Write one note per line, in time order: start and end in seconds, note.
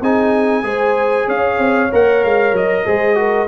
0.00 0.63 C4
0.00 0.63 D#4
0.00 0.63 G#4
0.00 1.29 G#5
0.63 1.26 G#3
0.63 1.89 G#4
0.63 1.27 C5
1.27 1.58 C#4
1.27 2.84 C#5
1.27 1.92 F5
1.58 1.89 C4
1.91 2.24 A#3
1.91 2.86 A#4
1.91 2.24 F#5
2.24 2.52 G#3
2.24 2.56 F5
2.52 2.84 F#3
2.52 3.47 D#5
2.85 3.47 G#3
2.85 3.14 G#4
2.85 3.17 C5
3.14 3.46 F#4
3.14 3.47 A#4